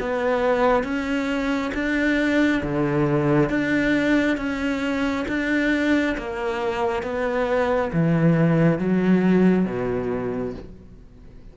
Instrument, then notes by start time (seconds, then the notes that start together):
cello
0.00 B3
0.83 C#4
1.74 D4
2.64 D3
3.50 D4
4.38 C#4
5.28 D4
6.18 A#3
7.03 B3
7.93 E3
8.79 F#3
9.66 B2